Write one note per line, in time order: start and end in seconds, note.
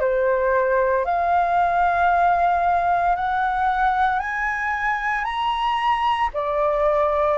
0.00 1.05 C5
1.05 3.15 F5
3.16 4.19 F#5
4.19 5.24 G#5
5.24 6.29 A#5
6.33 7.37 D5